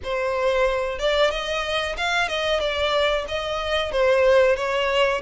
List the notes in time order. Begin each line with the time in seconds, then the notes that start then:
0.03 C5
0.98 D5
1.30 D#5
1.97 F5
2.28 D#5
2.59 D5
3.28 D#5
3.91 C5
4.56 C#5